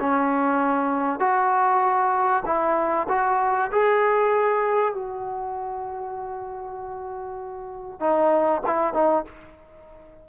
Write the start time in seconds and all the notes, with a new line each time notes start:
0.00 C#4
1.20 F#4
2.45 E4
3.09 F#4
3.72 G#4
4.94 F#4
8.00 D#4
8.66 E4
8.94 D#4